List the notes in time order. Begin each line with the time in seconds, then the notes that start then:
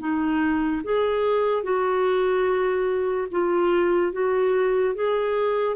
0.00 D#4
0.84 G#4
1.64 F#4
3.32 F4
4.13 F#4
4.95 G#4